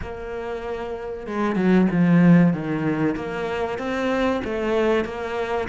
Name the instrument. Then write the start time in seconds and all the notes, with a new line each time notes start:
cello
0.01 A#3
1.26 G#3
1.55 F#3
1.91 F3
2.53 D#3
3.15 A#3
3.78 C4
4.44 A3
5.04 A#3